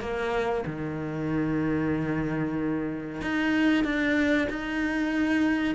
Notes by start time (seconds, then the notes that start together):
0.00 A#3
0.66 D#3
3.21 D#4
3.84 D4
4.49 D#4